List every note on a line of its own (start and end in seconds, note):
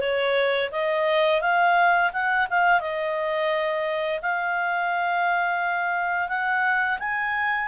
0.00 0.70 C#5
0.71 1.41 D#5
1.41 2.11 F5
2.12 2.47 F#5
2.50 2.80 F5
2.80 4.20 D#5
4.21 6.28 F5
6.28 6.98 F#5
6.99 7.67 G#5